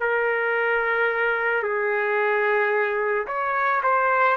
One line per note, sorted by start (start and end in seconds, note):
0.00 1.63 A#4
1.63 3.26 G#4
3.27 3.81 C#5
3.83 4.36 C5